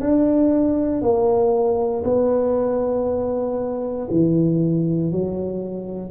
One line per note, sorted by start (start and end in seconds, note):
0.00 1.01 D4
1.01 2.03 A#3
2.04 4.07 B3
4.10 5.12 E3
5.12 6.10 F#3